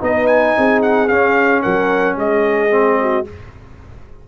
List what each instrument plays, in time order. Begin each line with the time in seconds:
0.00 tuba B3, trombone D#4, horn B4, trumpet D#5
0.27 trumpet G#5
0.57 tuba C4, horn G#4
0.82 trumpet F#5
1.08 trombone C#4, tuba C#4, trumpet F5
1.62 tuba F#3, horn A#4, trumpet F#5
2.16 tuba G#3, horn G#4, trumpet D#5
2.70 trombone C4
3.01 horn F#4